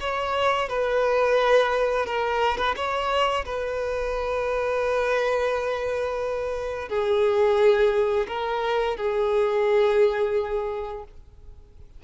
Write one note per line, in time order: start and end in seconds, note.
0.00 0.69 C#5
0.69 2.06 B4
2.06 2.57 A#4
2.57 2.75 B4
2.76 3.45 C#5
3.45 6.89 B4
6.89 8.27 G#4
8.28 8.97 A#4
8.97 11.03 G#4